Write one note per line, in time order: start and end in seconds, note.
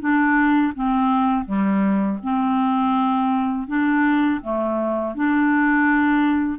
0.00 0.73 D4
0.75 1.45 C4
1.45 2.19 G3
2.23 3.68 C4
3.68 4.41 D4
4.42 5.15 A3
5.15 6.59 D4